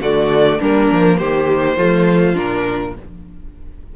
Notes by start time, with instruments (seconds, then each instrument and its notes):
0.00 cello D3, viola A3, violin F#4 D5
0.59 cello G3, viola A#3, violin D4 A#4
0.91 cello F3
1.18 cello D#3, violin G4 C5
1.77 cello F3, viola A3, violin F4
2.34 cello A#2, viola D4, violin A#4